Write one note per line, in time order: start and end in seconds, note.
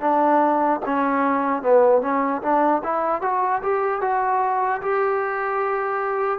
0.00 0.80 D4
0.85 1.62 C#4
1.62 2.01 B3
2.01 2.41 C#4
2.42 2.82 D4
2.83 3.21 E4
3.21 3.61 F#4
3.62 4.01 G4
4.01 4.81 F#4
4.81 6.39 G4